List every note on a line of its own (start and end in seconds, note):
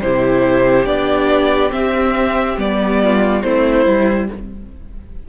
0.00 0.85 C3
0.00 0.86 E4
0.00 3.02 G4
0.00 0.85 C5
0.85 1.71 B3
0.85 1.70 D4
0.85 1.71 D5
1.70 2.56 C4
1.70 2.57 C4
1.70 2.58 E5
2.57 3.42 G3
2.57 3.42 B3
2.57 3.42 D5
3.02 3.43 F4
3.42 3.86 A3
3.42 3.85 C4
3.42 4.29 E4
3.42 4.27 C5
3.85 4.29 G3
3.85 4.28 E4